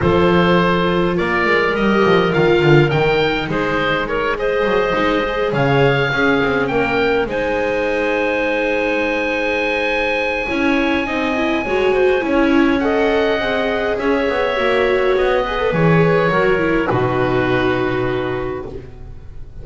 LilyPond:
<<
  \new Staff \with { instrumentName = "oboe" } { \time 4/4 \tempo 4 = 103 c''2 d''4 dis''4 | f''4 g''4 c''4 cis''8 dis''8~ | dis''4. f''2 g''8~ | g''8 gis''2.~ gis''8~ |
gis''1~ | gis''2 fis''2 | e''2 dis''4 cis''4~ | cis''4 b'2. | }
  \new Staff \with { instrumentName = "clarinet" } { \time 4/4 a'2 ais'2~ | ais'2 gis'4 ais'8 c''8~ | c''4. cis''4 gis'4 ais'8~ | ais'8 c''2.~ c''8~ |
c''2 cis''4 dis''4 | cis''8 c''8 cis''4 dis''2 | cis''2~ cis''8 b'4. | ais'4 fis'2. | }
  \new Staff \with { instrumentName = "viola" } { \time 4/4 f'2. g'4 | f'4 dis'2~ dis'8 gis'8~ | gis'8 dis'8 gis'4. cis'4.~ | cis'8 dis'2.~ dis'8~ |
dis'2 e'4 dis'8 e'8 | fis'4 e'4 a'4 gis'4~ | gis'4 fis'4. gis'16 a'16 gis'4 | fis'8 e'8 dis'2. | }
  \new Staff \with { instrumentName = "double bass" } { \time 4/4 f2 ais8 gis8 g8 f8 | dis8 d8 dis4 gis2 | fis8 gis4 cis4 cis'8 c'8 ais8~ | ais8 gis2.~ gis8~ |
gis2 cis'4 c'4 | gis4 cis'2 c'4 | cis'8 b8 ais4 b4 e4 | fis4 b,2. | }
>>